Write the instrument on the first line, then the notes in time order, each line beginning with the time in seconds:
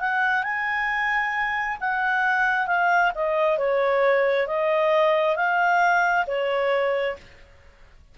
clarinet
0.00 F#5
0.44 G#5
1.81 F#5
2.67 F5
3.15 D#5
3.58 C#5
4.47 D#5
5.36 F5
6.27 C#5